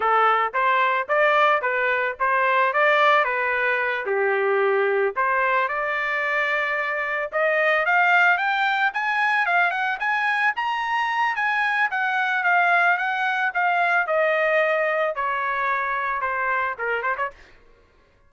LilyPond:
\new Staff \with { instrumentName = "trumpet" } { \time 4/4 \tempo 4 = 111 a'4 c''4 d''4 b'4 | c''4 d''4 b'4. g'8~ | g'4. c''4 d''4.~ | d''4. dis''4 f''4 g''8~ |
g''8 gis''4 f''8 fis''8 gis''4 ais''8~ | ais''4 gis''4 fis''4 f''4 | fis''4 f''4 dis''2 | cis''2 c''4 ais'8 c''16 cis''16 | }